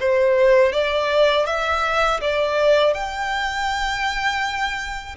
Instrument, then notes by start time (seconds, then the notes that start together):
violin
0.00 C5
0.72 D5
1.46 E5
2.21 D5
2.94 G5